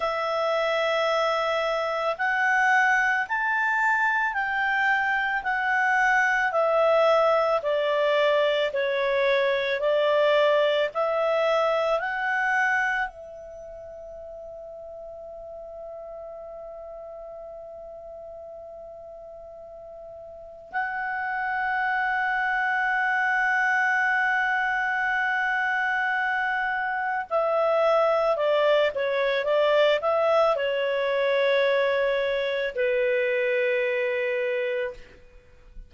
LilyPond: \new Staff \with { instrumentName = "clarinet" } { \time 4/4 \tempo 4 = 55 e''2 fis''4 a''4 | g''4 fis''4 e''4 d''4 | cis''4 d''4 e''4 fis''4 | e''1~ |
e''2. fis''4~ | fis''1~ | fis''4 e''4 d''8 cis''8 d''8 e''8 | cis''2 b'2 | }